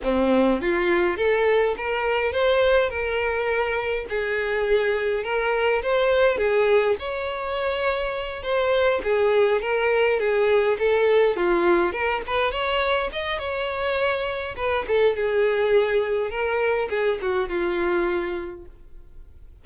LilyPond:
\new Staff \with { instrumentName = "violin" } { \time 4/4 \tempo 4 = 103 c'4 f'4 a'4 ais'4 | c''4 ais'2 gis'4~ | gis'4 ais'4 c''4 gis'4 | cis''2~ cis''8 c''4 gis'8~ |
gis'8 ais'4 gis'4 a'4 f'8~ | f'8 ais'8 b'8 cis''4 dis''8 cis''4~ | cis''4 b'8 a'8 gis'2 | ais'4 gis'8 fis'8 f'2 | }